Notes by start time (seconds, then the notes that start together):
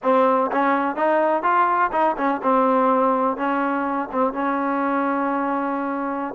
0.02 C4
0.51 C#4
0.96 D#4
1.42 F4
1.92 D#4
2.17 C#4
2.42 C4
3.36 C#4
4.11 C4
4.33 C#4